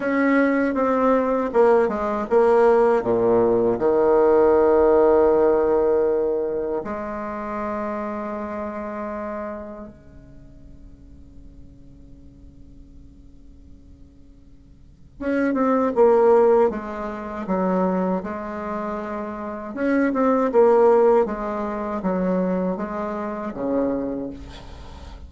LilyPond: \new Staff \with { instrumentName = "bassoon" } { \time 4/4 \tempo 4 = 79 cis'4 c'4 ais8 gis8 ais4 | ais,4 dis2.~ | dis4 gis2.~ | gis4 cis2.~ |
cis1 | cis'8 c'8 ais4 gis4 fis4 | gis2 cis'8 c'8 ais4 | gis4 fis4 gis4 cis4 | }